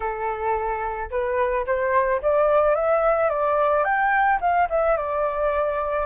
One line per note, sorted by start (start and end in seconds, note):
0.00 1.09 A4
1.10 1.65 B4
1.66 2.21 C5
2.21 2.75 D5
2.75 3.29 E5
3.29 3.84 D5
3.84 4.39 G5
4.40 4.68 F5
4.69 4.96 E5
4.96 6.06 D5